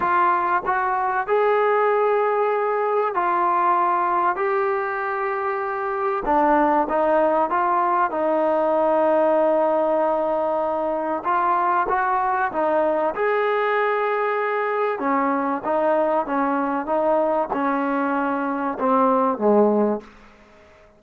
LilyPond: \new Staff \with { instrumentName = "trombone" } { \time 4/4 \tempo 4 = 96 f'4 fis'4 gis'2~ | gis'4 f'2 g'4~ | g'2 d'4 dis'4 | f'4 dis'2.~ |
dis'2 f'4 fis'4 | dis'4 gis'2. | cis'4 dis'4 cis'4 dis'4 | cis'2 c'4 gis4 | }